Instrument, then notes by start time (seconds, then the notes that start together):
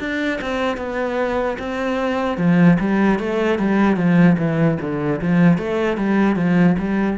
cello
0.00 D4
0.41 C4
0.77 B3
1.59 C4
2.38 F3
2.80 G3
3.20 A3
3.59 G3
3.97 F3
4.39 E3
4.81 D3
5.22 F3
5.59 A3
5.97 G3
6.37 F3
6.79 G3